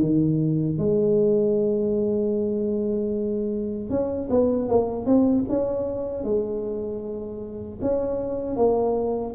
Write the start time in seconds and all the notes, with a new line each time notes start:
0.00 D#3
0.78 G#3
3.90 C#4
4.29 B3
4.68 A#3
5.05 C4
5.49 C#4
6.23 G#3
7.81 C#4
8.56 A#3